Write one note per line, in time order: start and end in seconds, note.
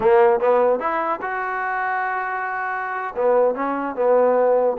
0.00 0.40 A#3
0.40 0.79 B3
0.79 1.20 E4
1.21 3.14 F#4
3.15 3.55 B3
3.55 3.95 C#4
3.95 4.76 B3